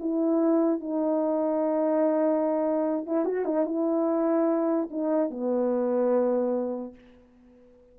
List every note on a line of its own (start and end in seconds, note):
0.00 0.80 E4
0.80 3.06 D#4
3.06 3.25 E4
3.25 3.45 F#4
3.45 3.66 D#4
3.66 4.89 E4
4.91 5.30 D#4
5.30 6.95 B3